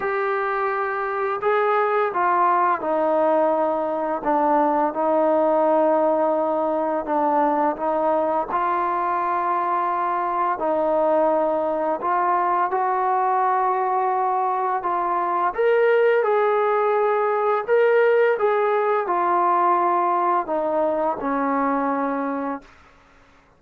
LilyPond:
\new Staff \with { instrumentName = "trombone" } { \time 4/4 \tempo 4 = 85 g'2 gis'4 f'4 | dis'2 d'4 dis'4~ | dis'2 d'4 dis'4 | f'2. dis'4~ |
dis'4 f'4 fis'2~ | fis'4 f'4 ais'4 gis'4~ | gis'4 ais'4 gis'4 f'4~ | f'4 dis'4 cis'2 | }